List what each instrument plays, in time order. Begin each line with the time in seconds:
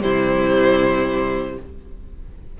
0.00 cello C3, viola G3, violin E4 C5